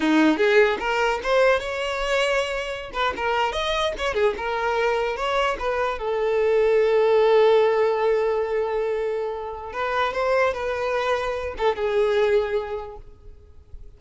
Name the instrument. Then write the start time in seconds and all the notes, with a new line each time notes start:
violin
0.00 D#4
0.37 G#4
0.79 A#4
1.23 C5
1.59 C#5
2.93 B4
3.16 A#4
3.52 D#5
3.98 C#5
4.14 G#4
4.37 A#4
5.16 C#5
5.59 B4
5.99 A4
9.73 B4
10.13 C5
10.53 B4
11.57 A4
11.75 G#4